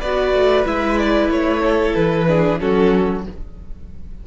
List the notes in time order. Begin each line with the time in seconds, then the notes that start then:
0.00 B3 F#4 B4 D5
0.33 A3
0.65 G#3 E4 E5
0.98 D5
1.29 A3 C#5
1.63 A4
1.94 E3 B4
2.27 D4 G#4
2.59 F#3 C#4 F#4 A4